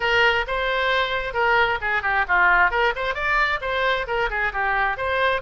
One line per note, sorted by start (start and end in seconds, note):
0.00 0.45 A#4
0.47 1.33 C5
1.33 1.78 A#4
1.81 2.02 G#4
2.02 2.25 G4
2.27 2.70 F4
2.70 2.93 A#4
2.95 3.14 C5
3.14 3.59 D5
3.61 4.06 C5
4.07 4.29 A#4
4.30 4.52 G#4
4.52 4.97 G4
4.97 5.41 C5